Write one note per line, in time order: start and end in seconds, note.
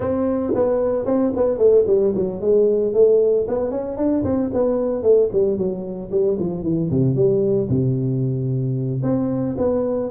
0.00 0.53 C4
0.54 1.05 B3
1.05 1.32 C4
1.35 1.58 B3
1.58 1.84 A3
1.87 2.13 G3
2.15 2.41 F#3
2.41 2.93 G#3
2.93 3.46 A3
3.48 3.70 B3
3.70 3.97 C#4
3.97 4.23 D4
4.24 4.50 C4
4.53 5.02 B3
5.02 5.29 A3
5.32 5.57 G3
5.57 6.10 F#3
6.11 6.37 G3
6.39 6.63 F3
6.63 6.89 E3
6.90 7.15 C3
7.15 7.68 G3
7.69 9.02 C3
9.02 9.56 C4
9.57 10.10 B3